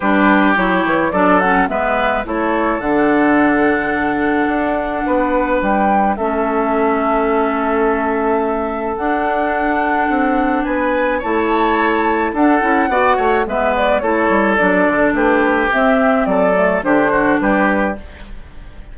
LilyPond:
<<
  \new Staff \with { instrumentName = "flute" } { \time 4/4 \tempo 4 = 107 b'4 cis''4 d''8 fis''8 e''4 | cis''4 fis''2.~ | fis''2 g''4 e''4~ | e''1 |
fis''2. gis''4 | a''2 fis''2 | e''8 d''8 cis''4 d''4 b'4 | e''4 d''4 c''4 b'4 | }
  \new Staff \with { instrumentName = "oboe" } { \time 4/4 g'2 a'4 b'4 | a'1~ | a'4 b'2 a'4~ | a'1~ |
a'2. b'4 | cis''2 a'4 d''8 cis''8 | b'4 a'2 g'4~ | g'4 a'4 g'8 fis'8 g'4 | }
  \new Staff \with { instrumentName = "clarinet" } { \time 4/4 d'4 e'4 d'8 cis'8 b4 | e'4 d'2.~ | d'2. cis'4~ | cis'1 |
d'1 | e'2 d'8 e'8 fis'4 | b4 e'4 d'2 | c'4. a8 d'2 | }
  \new Staff \with { instrumentName = "bassoon" } { \time 4/4 g4 fis8 e8 fis4 gis4 | a4 d2. | d'4 b4 g4 a4~ | a1 |
d'2 c'4 b4 | a2 d'8 cis'8 b8 a8 | gis4 a8 g8 fis8 d8 a4 | c'4 fis4 d4 g4 | }
>>